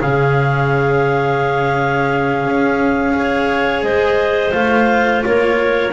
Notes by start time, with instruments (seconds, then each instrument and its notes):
0.00 double bass C#3, cello C#4, clarinet G#4 F5
2.45 double bass C#4
3.13 cello G#4, clarinet C#5
3.83 double bass G#3, clarinet C5 D#5
4.51 double bass A3, cello F4, clarinet F5
5.25 double bass A#3, clarinet A#4 C#5